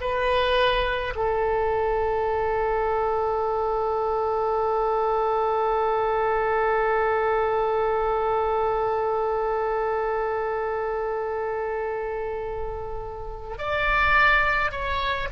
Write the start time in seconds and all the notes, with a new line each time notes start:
0.00 B4
1.15 A4
13.58 D5
14.71 C#5